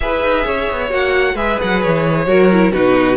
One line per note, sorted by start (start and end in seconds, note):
0.00 0.23 E4
0.00 0.89 G#4
0.00 0.45 B4
0.00 0.91 E5
0.23 0.46 D#4
0.45 0.69 C#4
0.45 1.34 C#5
0.71 0.91 B3
0.89 1.34 A#3
0.89 1.35 F#4
0.89 1.36 F#5
1.34 1.57 G#3
1.34 2.27 G#4
1.34 2.25 B4
1.34 1.59 E5
1.61 1.85 F#3
1.61 1.82 F#5
1.82 2.26 E3
1.82 2.72 C#5
2.26 2.72 F#3
2.26 2.50 F#4
2.26 2.72 A#4
2.51 2.73 E4
2.72 3.16 B2
2.72 3.16 D#4
2.72 3.16 F#4
2.72 3.16 B4